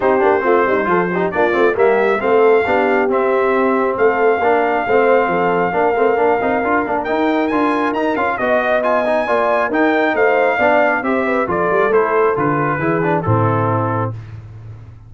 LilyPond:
<<
  \new Staff \with { instrumentName = "trumpet" } { \time 4/4 \tempo 4 = 136 c''2. d''4 | e''4 f''2 e''4~ | e''4 f''2.~ | f''1 |
g''4 gis''4 ais''8 f''8 dis''4 | gis''2 g''4 f''4~ | f''4 e''4 d''4 c''4 | b'2 a'2 | }
  \new Staff \with { instrumentName = "horn" } { \time 4/4 g'4 f'8 dis'8 a'8 g'8 f'4 | g'4 a'4 g'2~ | g'4 a'4 ais'4 c''4 | a'4 ais'2.~ |
ais'2. dis''4~ | dis''4 d''4 ais'4 c''4 | d''4 c''8 b'8 a'2~ | a'4 gis'4 e'2 | }
  \new Staff \with { instrumentName = "trombone" } { \time 4/4 dis'8 d'8 c'4 f'8 dis'8 d'8 c'8 | ais4 c'4 d'4 c'4~ | c'2 d'4 c'4~ | c'4 d'8 c'8 d'8 dis'8 f'8 d'8 |
dis'4 f'4 dis'8 f'8 fis'4 | f'8 dis'8 f'4 dis'2 | d'4 g'4 f'4 e'4 | f'4 e'8 d'8 c'2 | }
  \new Staff \with { instrumentName = "tuba" } { \time 4/4 c'8 ais8 a8 g8 f4 ais8 a8 | g4 a4 b4 c'4~ | c'4 a4 ais4 a4 | f4 ais8 a8 ais8 c'8 d'8 ais8 |
dis'4 d'4 dis'8 cis'8 b4~ | b4 ais4 dis'4 a4 | b4 c'4 f8 g8 a4 | d4 e4 a,2 | }
>>